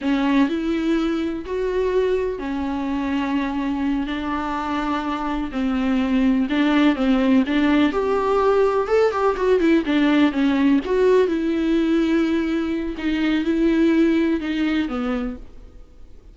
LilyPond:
\new Staff \with { instrumentName = "viola" } { \time 4/4 \tempo 4 = 125 cis'4 e'2 fis'4~ | fis'4 cis'2.~ | cis'8 d'2. c'8~ | c'4. d'4 c'4 d'8~ |
d'8 g'2 a'8 g'8 fis'8 | e'8 d'4 cis'4 fis'4 e'8~ | e'2. dis'4 | e'2 dis'4 b4 | }